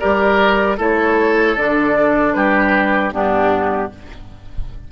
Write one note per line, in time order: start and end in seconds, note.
0.00 0.79 G3
0.00 0.79 G4
0.00 0.78 A#4
0.00 0.78 D5
0.78 1.57 A3
0.78 1.57 E4
0.78 2.33 A4
0.78 1.58 C#5
1.57 2.35 D3
1.57 3.13 D4
1.57 2.34 D5
2.34 3.13 G3
2.34 3.14 G4
2.34 3.12 B4
3.13 3.91 G2
3.13 3.91 B3
3.13 3.92 D4
3.13 3.92 G4